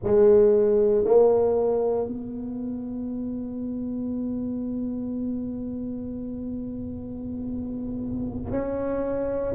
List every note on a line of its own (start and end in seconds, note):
0.03 1.04 G#3
1.04 2.07 A#3
2.07 8.51 B3
8.51 9.54 C#4